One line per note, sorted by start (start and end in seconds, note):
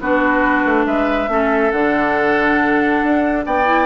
0.00 0.65 B3
0.00 1.28 D4
0.00 0.86 F#4
0.00 0.86 B4
0.65 0.86 A3
0.86 1.28 G#3
0.86 1.30 B4
0.86 1.71 E5
1.28 1.71 A3
1.28 1.72 C#4
1.28 3.46 A4
1.71 3.02 D3
1.71 3.65 D4
1.71 3.44 F#5
3.03 3.46 D4
3.46 3.86 B3
3.46 3.86 D5
3.46 3.86 G5
3.65 3.86 E4